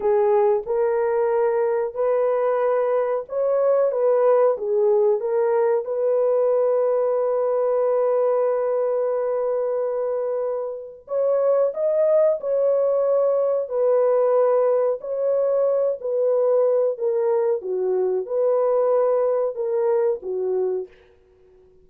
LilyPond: \new Staff \with { instrumentName = "horn" } { \time 4/4 \tempo 4 = 92 gis'4 ais'2 b'4~ | b'4 cis''4 b'4 gis'4 | ais'4 b'2.~ | b'1~ |
b'4 cis''4 dis''4 cis''4~ | cis''4 b'2 cis''4~ | cis''8 b'4. ais'4 fis'4 | b'2 ais'4 fis'4 | }